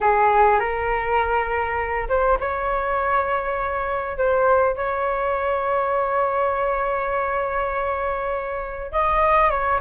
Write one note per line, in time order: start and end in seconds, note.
0.00 0.59 G#4
0.59 2.08 A#4
2.08 2.38 C5
2.40 4.17 C#5
4.17 4.76 C5
4.76 8.92 C#5
8.92 9.50 D#5
9.50 9.80 C#5